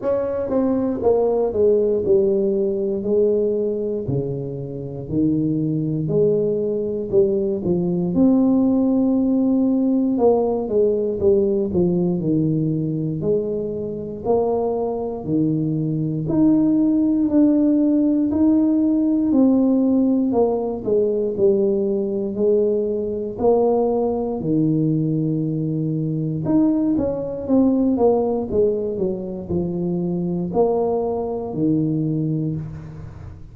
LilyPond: \new Staff \with { instrumentName = "tuba" } { \time 4/4 \tempo 4 = 59 cis'8 c'8 ais8 gis8 g4 gis4 | cis4 dis4 gis4 g8 f8 | c'2 ais8 gis8 g8 f8 | dis4 gis4 ais4 dis4 |
dis'4 d'4 dis'4 c'4 | ais8 gis8 g4 gis4 ais4 | dis2 dis'8 cis'8 c'8 ais8 | gis8 fis8 f4 ais4 dis4 | }